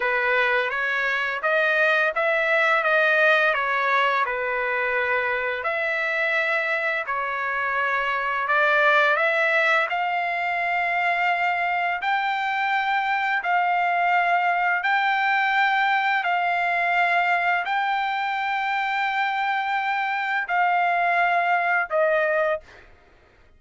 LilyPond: \new Staff \with { instrumentName = "trumpet" } { \time 4/4 \tempo 4 = 85 b'4 cis''4 dis''4 e''4 | dis''4 cis''4 b'2 | e''2 cis''2 | d''4 e''4 f''2~ |
f''4 g''2 f''4~ | f''4 g''2 f''4~ | f''4 g''2.~ | g''4 f''2 dis''4 | }